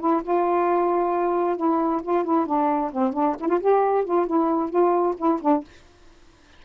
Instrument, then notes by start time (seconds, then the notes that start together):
saxophone
0.00 E4
0.23 F4
1.57 E4
2.03 F4
2.24 E4
2.47 D4
2.92 C4
3.14 D4
3.40 E4
3.49 F4
3.60 G4
4.05 F4
4.27 E4
4.70 F4
5.18 E4
5.42 D4